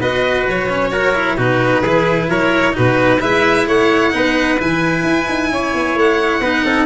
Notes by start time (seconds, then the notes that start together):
0.00 B3 F#4 B4 D#5
0.47 F#3 C#5
0.69 C#4
0.92 F#4 A#4
1.15 E4
1.37 B2 D#4 F#4 B4
1.82 E3 E4 G#4
2.29 F#3 A#4 C#5
2.72 B2 D#4 F#4 B4
3.20 G#3 E4 B4 E5
3.67 A3 C#5 F#5
4.12 B3 D#4 B4
4.58 E3 E4 G#5
5.03 E4
5.29 D#4
5.51 C#4 C#5
5.74 B3
5.95 A3 F#5
6.40 B3 D#4 B4
6.64 C4 A4